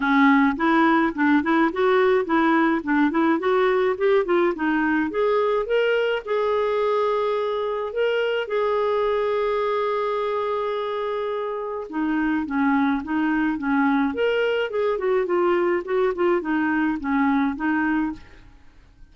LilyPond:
\new Staff \with { instrumentName = "clarinet" } { \time 4/4 \tempo 4 = 106 cis'4 e'4 d'8 e'8 fis'4 | e'4 d'8 e'8 fis'4 g'8 f'8 | dis'4 gis'4 ais'4 gis'4~ | gis'2 ais'4 gis'4~ |
gis'1~ | gis'4 dis'4 cis'4 dis'4 | cis'4 ais'4 gis'8 fis'8 f'4 | fis'8 f'8 dis'4 cis'4 dis'4 | }